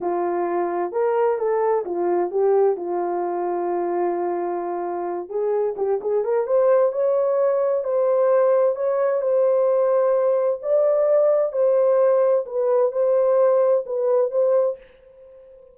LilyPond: \new Staff \with { instrumentName = "horn" } { \time 4/4 \tempo 4 = 130 f'2 ais'4 a'4 | f'4 g'4 f'2~ | f'2.~ f'8 gis'8~ | gis'8 g'8 gis'8 ais'8 c''4 cis''4~ |
cis''4 c''2 cis''4 | c''2. d''4~ | d''4 c''2 b'4 | c''2 b'4 c''4 | }